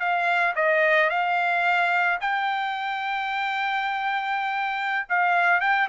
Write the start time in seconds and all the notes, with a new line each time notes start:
0.00 F5
0.56 D#5
1.10 F5
2.21 G5
5.09 F5
5.61 G5